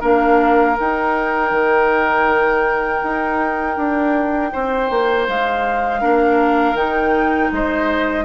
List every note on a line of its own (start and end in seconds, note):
0.00 0.77 A#3
0.00 0.76 D4
0.00 4.50 A#4
0.00 0.78 F5
0.76 6.00 D#4
0.76 1.51 D#4
0.76 5.28 G5
1.51 3.01 D#3
3.03 3.77 D#4
3.77 4.52 D4
4.52 4.90 C4
4.52 6.01 C5
4.90 5.28 A#3
5.28 6.03 G#3
5.28 6.76 F5
6.00 6.74 A#3
6.00 6.75 D4
6.00 7.51 A#4
6.74 7.49 D#3
6.74 8.25 D#4
6.74 7.51 G5
7.52 8.25 G#3
7.52 8.25 C5
7.52 8.25 D#5